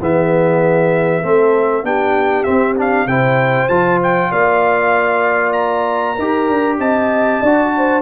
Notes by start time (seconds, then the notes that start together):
0.00 E3 B3 G#4 E5
1.22 A3 C4 A4
1.82 B3 D4 G4 G5
2.43 C4 E5
2.76 D4 F5
3.06 C3 E4 C5 G5
3.68 F3 F4 A5
4.03 G5
4.30 A#3 D5 F5
5.52 A#5
6.15 D#4 G4 A#4
6.49 D4
6.79 C4 D#5 A5
7.40 D4 F#4 D5
7.76 C5